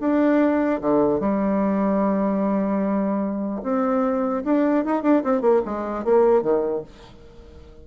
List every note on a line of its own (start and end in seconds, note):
0.00 0.81 D4
0.81 1.20 D3
1.20 3.61 G3
3.63 4.43 C4
4.44 4.85 D4
4.85 5.02 D#4
5.02 5.23 D4
5.24 5.41 C4
5.41 5.61 A#3
5.65 6.04 G#3
6.04 6.42 A#3
6.42 6.82 D#3